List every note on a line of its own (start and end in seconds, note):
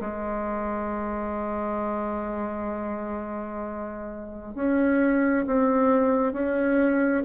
0.00 4.55 G#3
4.55 5.45 C#4
5.46 6.32 C4
6.32 7.23 C#4